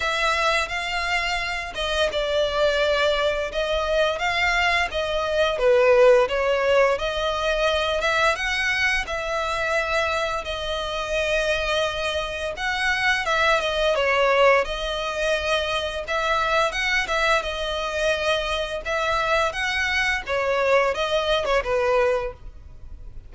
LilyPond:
\new Staff \with { instrumentName = "violin" } { \time 4/4 \tempo 4 = 86 e''4 f''4. dis''8 d''4~ | d''4 dis''4 f''4 dis''4 | b'4 cis''4 dis''4. e''8 | fis''4 e''2 dis''4~ |
dis''2 fis''4 e''8 dis''8 | cis''4 dis''2 e''4 | fis''8 e''8 dis''2 e''4 | fis''4 cis''4 dis''8. cis''16 b'4 | }